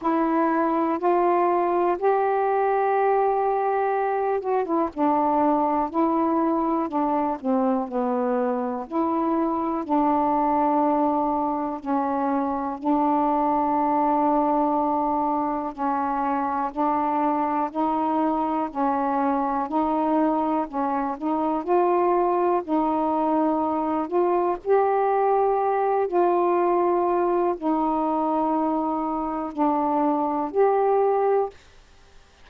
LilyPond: \new Staff \with { instrumentName = "saxophone" } { \time 4/4 \tempo 4 = 61 e'4 f'4 g'2~ | g'8 fis'16 e'16 d'4 e'4 d'8 c'8 | b4 e'4 d'2 | cis'4 d'2. |
cis'4 d'4 dis'4 cis'4 | dis'4 cis'8 dis'8 f'4 dis'4~ | dis'8 f'8 g'4. f'4. | dis'2 d'4 g'4 | }